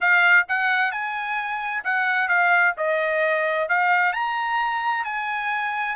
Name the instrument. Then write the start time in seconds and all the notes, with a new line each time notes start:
trumpet
0.00 F5
0.48 F#5
0.91 G#5
1.84 F#5
2.28 F5
2.77 D#5
3.68 F5
4.12 A#5
5.04 G#5